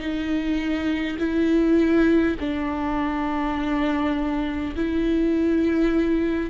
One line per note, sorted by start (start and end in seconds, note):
0.00 1.18 D#4
1.19 2.37 E4
2.40 4.75 D4
4.76 6.50 E4